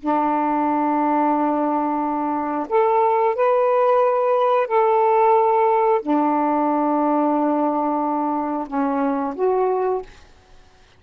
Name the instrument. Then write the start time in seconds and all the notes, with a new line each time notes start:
saxophone
0.00 D4
2.69 A4
3.35 B4
4.67 A4
6.02 D4
8.67 C#4
9.35 F#4